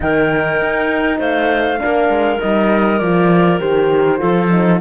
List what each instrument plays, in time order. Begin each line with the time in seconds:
0.00 cello D#3, horn D#4, clarinet A#4, flute G5
0.61 cello D#4
1.18 cello A3, clarinet C5, flute F5
1.78 horn D4, clarinet A#4
1.85 cello A#3
2.08 cello G#3
2.40 cello G3, horn D#4, flute D#5
2.98 cello F3, horn F4, flute D5
3.59 cello D#3, horn G4, flute C5
4.18 cello F3, horn F4, clarinet A4
4.50 horn D#4